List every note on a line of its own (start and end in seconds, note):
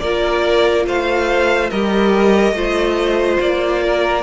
0.00 0.87 A#3
0.00 1.73 F4
0.00 0.86 A#4
0.00 0.85 D5
0.87 1.71 A3
0.87 1.71 C5
0.87 1.70 F5
1.70 2.53 G3
1.70 2.56 G4
1.70 2.55 A#4
1.70 3.39 D#5
2.53 3.38 A3
2.53 4.23 F4
2.53 3.84 C5
3.41 4.23 A#3
3.41 4.23 D5
3.84 4.23 A#4